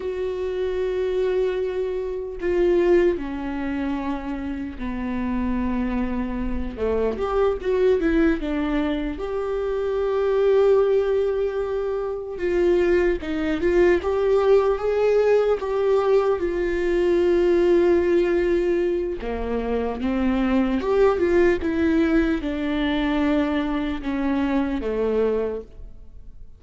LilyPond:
\new Staff \with { instrumentName = "viola" } { \time 4/4 \tempo 4 = 75 fis'2. f'4 | cis'2 b2~ | b8 a8 g'8 fis'8 e'8 d'4 g'8~ | g'2.~ g'8 f'8~ |
f'8 dis'8 f'8 g'4 gis'4 g'8~ | g'8 f'2.~ f'8 | ais4 c'4 g'8 f'8 e'4 | d'2 cis'4 a4 | }